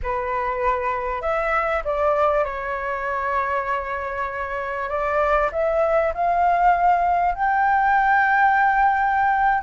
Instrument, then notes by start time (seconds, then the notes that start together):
flute
0.02 B4
1.21 E5
1.84 D5
2.44 C#5
4.89 D5
5.52 E5
6.14 F5
7.34 G5